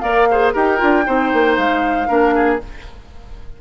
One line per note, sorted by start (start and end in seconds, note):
0.00 0.54 A#3
0.00 0.27 A#4
0.00 0.28 D5
0.00 0.51 F5
0.31 0.54 G#4
0.31 0.53 C5
0.53 0.81 D#4
0.53 0.78 G4
0.53 1.04 A#4
0.53 1.56 G5
0.78 1.07 D4
0.78 1.04 F4
1.05 1.33 C4
1.05 2.07 D#4
1.05 2.08 C5
1.33 1.57 A#3
1.56 2.09 G#3
1.56 2.59 F5
2.07 2.61 A#3
2.07 2.59 D4
2.07 2.34 A#4
2.35 2.60 G#4